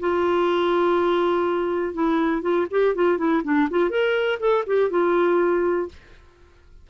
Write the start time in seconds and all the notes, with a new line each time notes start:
0.00 F4
1.94 E4
2.42 F4
2.71 G4
2.95 F4
3.18 E4
3.44 D4
3.70 F4
3.90 A#4
4.40 A4
4.67 G4
4.90 F4